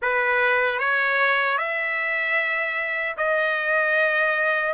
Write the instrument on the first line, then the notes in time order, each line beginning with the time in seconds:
trumpet
0.02 B4
0.79 C#5
1.58 E5
3.17 D#5